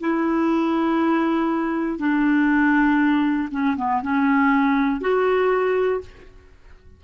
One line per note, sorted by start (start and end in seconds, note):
0.00 1.99 E4
1.99 3.49 D4
3.51 3.76 C#4
3.76 4.01 B3
4.02 5.00 C#4
5.00 6.00 F#4